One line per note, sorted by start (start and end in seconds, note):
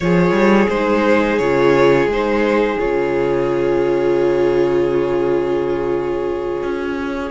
0.00 0.31 F3
0.00 0.70 F4
0.00 7.30 G#4
0.00 0.69 C#5
0.31 0.66 G3
0.69 1.39 G#3
0.69 1.41 D#4
0.69 1.38 C5
1.38 2.07 C#3
1.38 2.11 F4
1.38 2.07 C#5
2.07 2.77 G#3
2.07 2.79 D#4
2.07 2.79 C5
2.79 6.62 C#3
2.79 7.30 F4
2.79 7.30 C#5
6.62 7.30 C#4